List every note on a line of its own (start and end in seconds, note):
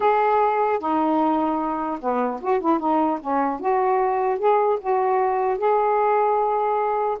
0.00 0.79 G#4
0.79 1.99 D#4
2.00 2.40 B3
2.41 2.60 F#4
2.60 2.79 E4
2.79 3.19 D#4
3.20 3.60 C#4
3.60 4.39 F#4
4.39 4.79 G#4
4.80 5.58 F#4
5.58 7.18 G#4